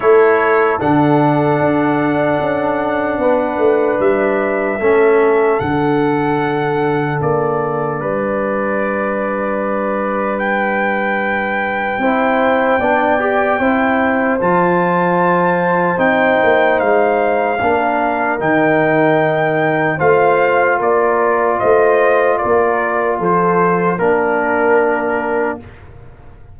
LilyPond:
<<
  \new Staff \with { instrumentName = "trumpet" } { \time 4/4 \tempo 4 = 75 cis''4 fis''2.~ | fis''4 e''2 fis''4~ | fis''4 d''2.~ | d''4 g''2.~ |
g''2 a''2 | g''4 f''2 g''4~ | g''4 f''4 d''4 dis''4 | d''4 c''4 ais'2 | }
  \new Staff \with { instrumentName = "horn" } { \time 4/4 a'1 | b'2 a'2~ | a'2 b'2~ | b'2. c''4 |
d''4 c''2.~ | c''2 ais'2~ | ais'4 c''4 ais'4 c''4 | ais'4 a'4 ais'2 | }
  \new Staff \with { instrumentName = "trombone" } { \time 4/4 e'4 d'2.~ | d'2 cis'4 d'4~ | d'1~ | d'2. e'4 |
d'8 g'8 e'4 f'2 | dis'2 d'4 dis'4~ | dis'4 f'2.~ | f'2 d'2 | }
  \new Staff \with { instrumentName = "tuba" } { \time 4/4 a4 d4 d'4 cis'4 | b8 a8 g4 a4 d4~ | d4 ais4 g2~ | g2. c'4 |
b4 c'4 f2 | c'8 ais8 gis4 ais4 dis4~ | dis4 a4 ais4 a4 | ais4 f4 ais2 | }
>>